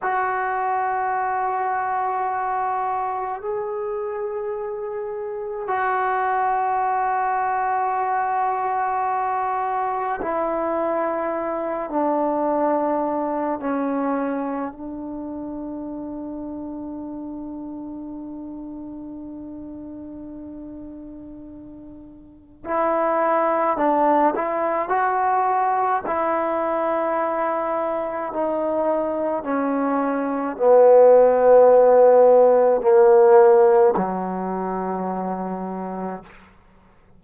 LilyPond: \new Staff \with { instrumentName = "trombone" } { \time 4/4 \tempo 4 = 53 fis'2. gis'4~ | gis'4 fis'2.~ | fis'4 e'4. d'4. | cis'4 d'2.~ |
d'1 | e'4 d'8 e'8 fis'4 e'4~ | e'4 dis'4 cis'4 b4~ | b4 ais4 fis2 | }